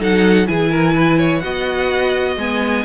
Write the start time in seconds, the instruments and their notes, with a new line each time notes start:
0.00 cello F#3, viola D#4, violin A4 F#5
0.47 cello E3, viola E4, violin G#4 G#5
0.70 violin A#4
0.96 violin B4
1.19 violin C#5
1.39 cello B3, viola F#4, violin D#5 F#5
2.37 cello G#3, viola B3, violin G#5